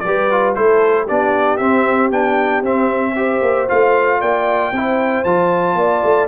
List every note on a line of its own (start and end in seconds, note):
0.00 0.57 G3
0.00 0.58 B4
0.00 0.52 D5
0.06 0.31 G4
0.31 0.55 F4
0.55 1.09 A3
0.55 1.07 E4
0.55 1.04 A4
0.55 1.07 C5
1.04 1.60 B3
1.04 1.60 D4
1.04 3.13 G4
1.04 1.57 D5
1.57 2.11 C4
1.57 2.09 E5
2.11 2.62 B3
2.11 2.63 D4
2.11 2.64 G5
2.62 3.40 C4
2.62 3.16 C4
2.62 3.69 E5
3.16 3.68 G4
3.16 4.20 C5
3.42 3.68 A#3
3.68 4.22 A3
3.68 4.72 F4
3.68 4.21 F5
4.20 4.72 A#3
4.20 4.72 D5
4.20 5.24 G5
4.72 5.24 C4
4.72 5.26 E4
4.72 5.77 C5
5.24 5.75 F3
5.24 6.28 F4
5.24 6.28 A5
5.75 6.01 A#3
5.75 6.28 D5
6.03 6.28 A3